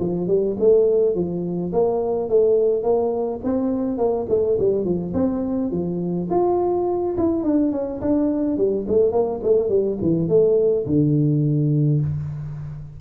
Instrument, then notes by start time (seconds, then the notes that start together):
tuba
0.00 F3
0.28 G3
0.59 A3
1.15 F3
1.72 A#3
2.29 A3
2.83 A#3
3.44 C4
3.98 A#3
4.29 A3
4.59 G3
4.84 F3
5.14 C4
5.71 F3
6.30 F4
7.17 E4
7.43 D4
7.72 C#4
8.01 D4
8.57 G3
8.88 A3
9.12 A#3
9.43 A3
9.69 G3
10.01 E3
10.29 A3
10.86 D3